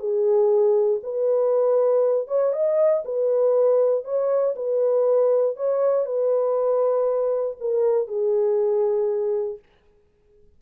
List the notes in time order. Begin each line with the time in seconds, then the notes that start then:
0.00 G#4
1.03 B4
2.28 C#5
2.53 D#5
3.05 B4
4.05 C#5
4.56 B4
5.57 C#5
6.06 B4
7.60 A#4
8.08 G#4